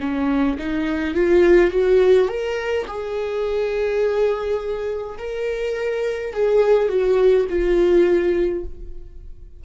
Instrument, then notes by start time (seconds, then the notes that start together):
viola
0.00 C#4
0.58 D#4
1.14 F4
1.71 F#4
2.29 A#4
2.87 G#4
5.18 A#4
6.34 G#4
6.89 F#4
7.49 F4